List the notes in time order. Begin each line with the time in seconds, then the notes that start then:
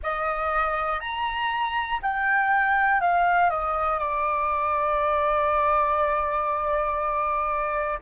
0.02 D#5
1.00 A#5
2.02 G5
3.00 F5
3.50 D#5
3.99 D5